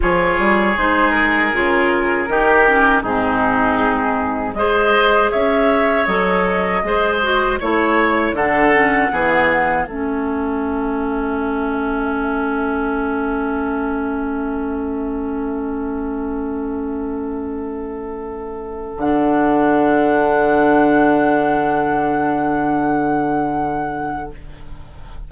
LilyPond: <<
  \new Staff \with { instrumentName = "flute" } { \time 4/4 \tempo 4 = 79 cis''4 c''8 ais'2~ ais'8 | gis'2 dis''4 e''4 | dis''2 cis''4 fis''4~ | fis''4 e''2.~ |
e''1~ | e''1~ | e''4 fis''2.~ | fis''1 | }
  \new Staff \with { instrumentName = "oboe" } { \time 4/4 gis'2. g'4 | dis'2 c''4 cis''4~ | cis''4 c''4 cis''4 a'4 | gis'4 a'2.~ |
a'1~ | a'1~ | a'1~ | a'1 | }
  \new Staff \with { instrumentName = "clarinet" } { \time 4/4 f'4 dis'4 f'4 dis'8 cis'8 | c'2 gis'2 | a'4 gis'8 fis'8 e'4 d'8 cis'8 | b4 cis'2.~ |
cis'1~ | cis'1~ | cis'4 d'2.~ | d'1 | }
  \new Staff \with { instrumentName = "bassoon" } { \time 4/4 f8 g8 gis4 cis4 dis4 | gis,2 gis4 cis'4 | fis4 gis4 a4 d4 | e4 a2.~ |
a1~ | a1~ | a4 d2.~ | d1 | }
>>